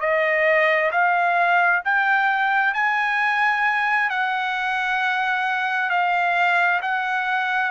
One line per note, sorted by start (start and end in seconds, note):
0.00 0.91 D#5
0.92 1.83 F5
1.84 2.74 G5
2.74 4.10 G#5
4.10 5.90 F#5
5.90 6.81 F5
6.82 7.71 F#5